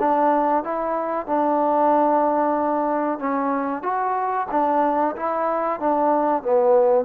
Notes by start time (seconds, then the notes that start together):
0.00 D4
0.64 E4
1.27 D4
3.20 C#4
3.83 F#4
4.51 D4
5.17 E4
5.80 D4
6.43 B3